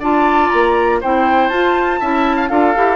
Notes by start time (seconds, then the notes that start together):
0.00 D4 F4 D5 A5
0.50 A#3 A#5
1.01 C4 E4 C5 G5
1.49 F4 A5
2.00 C#4 E4 E5
2.37 F5
2.49 D4 F4 A4 F5
2.76 E4 G4